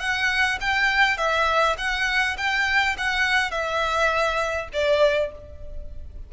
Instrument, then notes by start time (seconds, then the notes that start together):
violin
0.00 F#5
0.61 G5
1.18 E5
1.78 F#5
2.38 G5
2.98 F#5
3.52 E5
4.74 D5